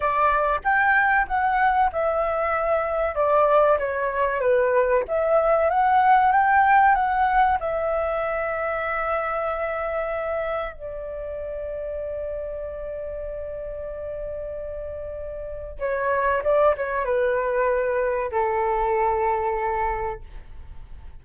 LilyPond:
\new Staff \with { instrumentName = "flute" } { \time 4/4 \tempo 4 = 95 d''4 g''4 fis''4 e''4~ | e''4 d''4 cis''4 b'4 | e''4 fis''4 g''4 fis''4 | e''1~ |
e''4 d''2.~ | d''1~ | d''4 cis''4 d''8 cis''8 b'4~ | b'4 a'2. | }